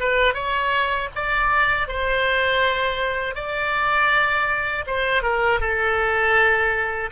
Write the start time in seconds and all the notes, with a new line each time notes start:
0.00 B4
0.34 C#5
1.16 D5
1.88 C5
3.35 D5
4.87 C5
5.23 A#4
5.60 A4